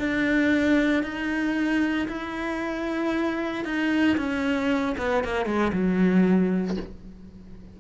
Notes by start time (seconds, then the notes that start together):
0.00 D4
1.04 D#4
2.09 E4
3.65 D#4
4.18 C#4
4.98 B3
5.25 A#3
5.46 G#3
5.73 F#3